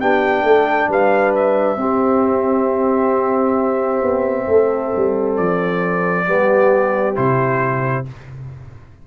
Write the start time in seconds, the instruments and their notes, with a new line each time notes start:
0.00 tuba B3, trombone D4, horn G4, trumpet G5
0.42 tuba A3, horn A4
0.88 tuba G3, horn B4, trumpet F5
1.35 trumpet E5
1.76 tuba C4, trombone C4, horn G4
4.02 tuba B3
4.47 tuba A3, horn A4
4.96 tuba G3
5.36 tuba F3, trumpet D5
6.26 tuba G3, trombone B3, horn G4
7.15 tuba C3, trombone E4, trumpet C5